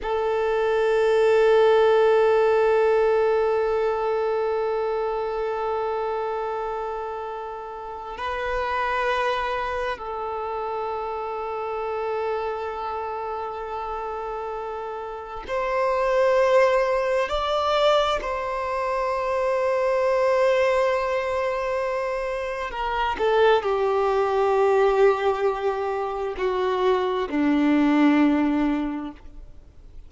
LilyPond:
\new Staff \with { instrumentName = "violin" } { \time 4/4 \tempo 4 = 66 a'1~ | a'1~ | a'4 b'2 a'4~ | a'1~ |
a'4 c''2 d''4 | c''1~ | c''4 ais'8 a'8 g'2~ | g'4 fis'4 d'2 | }